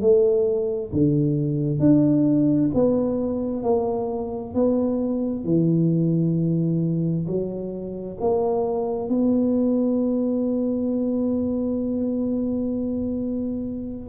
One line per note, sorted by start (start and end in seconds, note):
0.00 0.91 A3
0.92 1.79 D3
1.79 2.70 D4
2.74 3.62 B3
3.62 4.53 A#3
4.53 5.44 B3
5.44 7.26 E3
7.26 8.17 F#3
8.20 9.09 A#3
9.09 14.09 B3